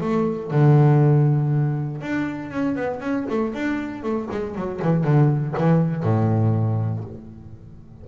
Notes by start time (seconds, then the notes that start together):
0.00 A3
0.51 D3
2.01 D4
2.50 C#4
2.75 B3
3.00 C#4
3.29 A3
3.54 D4
4.02 A3
4.30 G#3
4.55 F#3
4.82 E3
5.04 D3
5.57 E3
6.03 A2